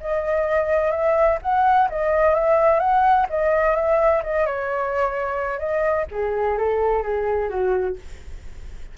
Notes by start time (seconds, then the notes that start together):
0.00 D#5
0.91 E5
1.42 F#5
1.89 D#5
2.34 E5
2.80 F#5
3.29 D#5
3.76 E5
4.23 D#5
4.46 C#5
5.58 D#5
6.11 G#4
6.58 A4
7.03 G#4
7.49 F#4